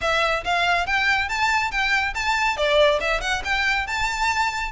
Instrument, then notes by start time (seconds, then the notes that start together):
violin
0.01 E5
0.44 F5
0.86 G5
1.28 A5
1.71 G5
2.14 A5
2.56 D5
3.00 E5
3.20 F#5
3.44 G5
3.86 A5